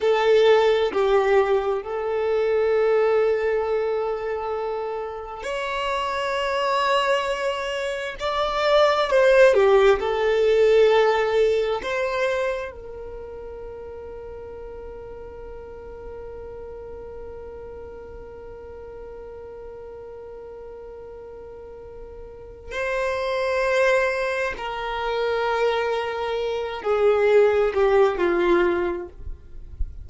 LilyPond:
\new Staff \with { instrumentName = "violin" } { \time 4/4 \tempo 4 = 66 a'4 g'4 a'2~ | a'2 cis''2~ | cis''4 d''4 c''8 g'8 a'4~ | a'4 c''4 ais'2~ |
ais'1~ | ais'1~ | ais'4 c''2 ais'4~ | ais'4. gis'4 g'8 f'4 | }